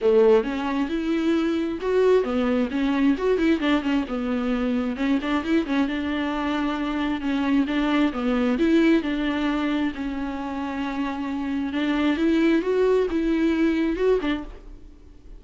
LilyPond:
\new Staff \with { instrumentName = "viola" } { \time 4/4 \tempo 4 = 133 a4 cis'4 e'2 | fis'4 b4 cis'4 fis'8 e'8 | d'8 cis'8 b2 cis'8 d'8 | e'8 cis'8 d'2. |
cis'4 d'4 b4 e'4 | d'2 cis'2~ | cis'2 d'4 e'4 | fis'4 e'2 fis'8 d'8 | }